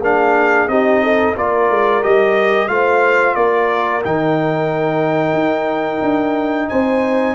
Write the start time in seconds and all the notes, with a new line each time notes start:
0.00 A#3 D4 G#4 F5
0.68 C4 D#4 G4 D#5
1.03 A4
1.36 A#3 F4 A#4 D5
1.69 G#3
2.02 G3 G4 D#5
2.68 A3 F4 C5 F5
3.35 A#3 A#4 D5
4.04 D#3 D#4 G5
5.33 D#4
6.01 D4
6.69 C4 C5 G#5